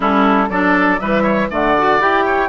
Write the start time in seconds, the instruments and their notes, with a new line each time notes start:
0.00 bassoon G3, clarinet C#4, oboe E4, flute A4
0.49 bassoon F#3, clarinet D4, oboe A4, flute D5
0.99 bassoon E3, clarinet G3, oboe B4, flute E5
1.22 oboe C#5
1.50 bassoon D3, clarinet A3, oboe D5, flute F#5
1.77 clarinet F#4
1.99 bassoon E4, clarinet G4, flute G5
2.25 oboe C#5